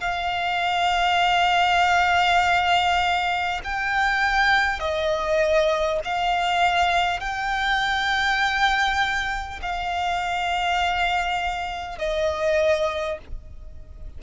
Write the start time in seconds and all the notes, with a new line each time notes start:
0.00 F5
3.64 G5
4.79 D#5
6.04 F5
7.19 G5
9.62 F5
11.98 D#5